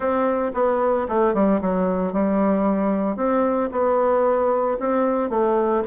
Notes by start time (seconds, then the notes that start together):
0.00 C4
0.54 B3
1.08 A3
1.34 G3
1.61 F#3
2.12 G3
3.16 C4
3.71 B3
4.79 C4
5.29 A3